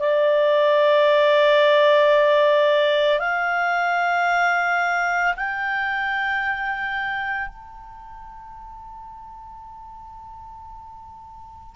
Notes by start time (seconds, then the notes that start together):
0.00 D5
3.19 F5
5.37 G5
7.48 A5